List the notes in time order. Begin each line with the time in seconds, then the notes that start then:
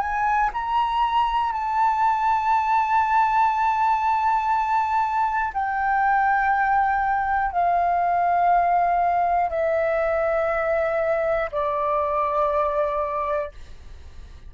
0.00 G#5
0.53 A#5
1.52 A5
5.53 G5
7.52 F5
9.50 E5
11.52 D5